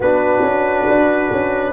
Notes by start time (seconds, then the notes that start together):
0.00 B3 D4 F#4 B4
0.41 C#4
0.87 D4
1.31 C#4